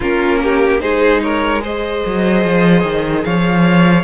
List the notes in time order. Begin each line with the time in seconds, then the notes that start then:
0.00 A#3 C#4 F4 A#4
0.43 G4
0.79 G#3 D#4 G#4 C5
1.21 A#4 C#5
1.59 G#4 C5 D#5
2.05 F#3
2.44 F3
2.83 D#3
3.24 F3 C#5 F5